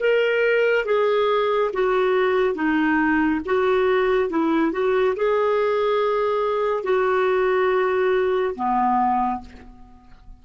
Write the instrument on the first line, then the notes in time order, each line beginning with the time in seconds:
clarinet
0.00 A#4
0.85 G#4
1.73 F#4
2.55 D#4
3.46 F#4
4.30 E4
4.72 F#4
5.16 G#4
6.83 F#4
8.55 B3